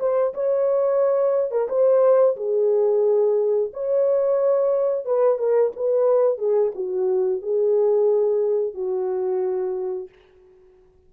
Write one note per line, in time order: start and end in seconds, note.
0.00 0.34 C5
0.34 1.51 C#5
1.51 1.68 A#4
1.69 2.36 C5
2.37 3.71 G#4
3.74 5.05 C#5
5.05 5.38 B4
5.38 5.72 A#4
5.76 6.38 B4
6.38 6.72 G#4
6.75 7.42 F#4
7.42 8.74 G#4
8.74 10.09 F#4